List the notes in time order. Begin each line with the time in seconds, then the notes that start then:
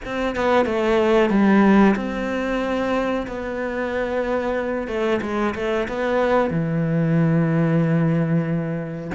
0.05 C4
0.35 B3
0.65 A3
1.30 G3
1.96 C4
3.27 B3
4.87 A3
5.21 G#3
5.54 A3
5.88 B3
6.50 E3